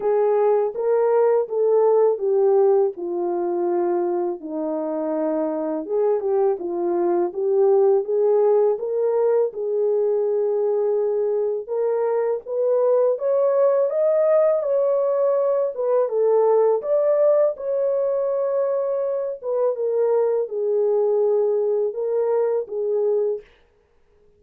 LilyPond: \new Staff \with { instrumentName = "horn" } { \time 4/4 \tempo 4 = 82 gis'4 ais'4 a'4 g'4 | f'2 dis'2 | gis'8 g'8 f'4 g'4 gis'4 | ais'4 gis'2. |
ais'4 b'4 cis''4 dis''4 | cis''4. b'8 a'4 d''4 | cis''2~ cis''8 b'8 ais'4 | gis'2 ais'4 gis'4 | }